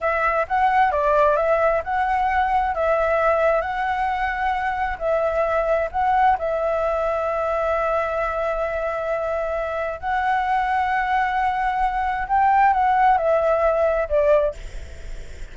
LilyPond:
\new Staff \with { instrumentName = "flute" } { \time 4/4 \tempo 4 = 132 e''4 fis''4 d''4 e''4 | fis''2 e''2 | fis''2. e''4~ | e''4 fis''4 e''2~ |
e''1~ | e''2 fis''2~ | fis''2. g''4 | fis''4 e''2 d''4 | }